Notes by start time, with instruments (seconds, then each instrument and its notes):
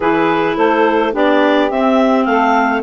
0.00 bassoon E3, clarinet E4 B4, saxophone G#4
0.56 bassoon A3, saxophone A4, clarinet C5
1.12 bassoon B3, clarinet D4 D5, saxophone G4
1.70 bassoon C4, clarinet C4 E5
2.24 bassoon A3, saxophone A4, clarinet F5